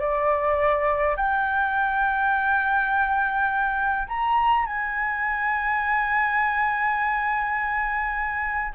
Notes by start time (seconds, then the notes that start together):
0.00 D5
1.17 G5
4.09 A#5
4.67 G#5